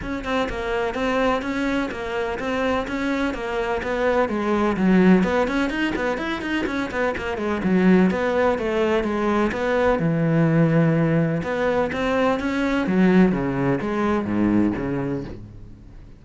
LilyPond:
\new Staff \with { instrumentName = "cello" } { \time 4/4 \tempo 4 = 126 cis'8 c'8 ais4 c'4 cis'4 | ais4 c'4 cis'4 ais4 | b4 gis4 fis4 b8 cis'8 | dis'8 b8 e'8 dis'8 cis'8 b8 ais8 gis8 |
fis4 b4 a4 gis4 | b4 e2. | b4 c'4 cis'4 fis4 | cis4 gis4 gis,4 cis4 | }